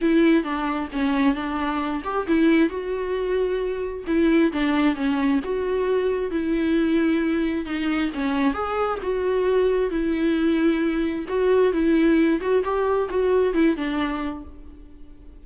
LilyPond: \new Staff \with { instrumentName = "viola" } { \time 4/4 \tempo 4 = 133 e'4 d'4 cis'4 d'4~ | d'8 g'8 e'4 fis'2~ | fis'4 e'4 d'4 cis'4 | fis'2 e'2~ |
e'4 dis'4 cis'4 gis'4 | fis'2 e'2~ | e'4 fis'4 e'4. fis'8 | g'4 fis'4 e'8 d'4. | }